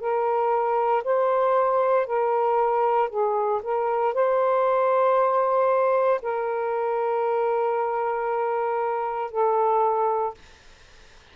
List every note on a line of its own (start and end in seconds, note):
0.00 1.03 A#4
1.04 2.07 C5
2.07 3.09 A#4
3.09 3.61 G#4
3.63 4.14 A#4
4.14 6.21 C5
6.22 9.32 A#4
9.32 10.35 A4